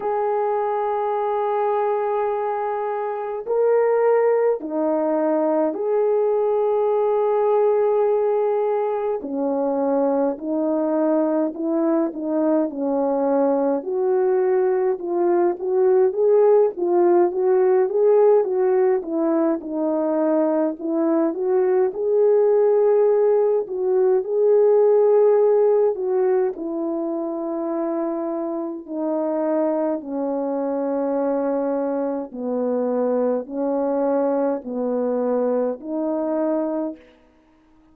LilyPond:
\new Staff \with { instrumentName = "horn" } { \time 4/4 \tempo 4 = 52 gis'2. ais'4 | dis'4 gis'2. | cis'4 dis'4 e'8 dis'8 cis'4 | fis'4 f'8 fis'8 gis'8 f'8 fis'8 gis'8 |
fis'8 e'8 dis'4 e'8 fis'8 gis'4~ | gis'8 fis'8 gis'4. fis'8 e'4~ | e'4 dis'4 cis'2 | b4 cis'4 b4 dis'4 | }